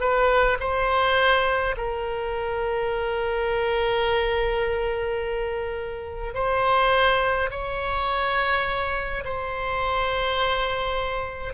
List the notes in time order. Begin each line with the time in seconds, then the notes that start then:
0.00 B4
0.60 C5
1.77 A#4
6.34 C5
7.51 C#5
9.25 C5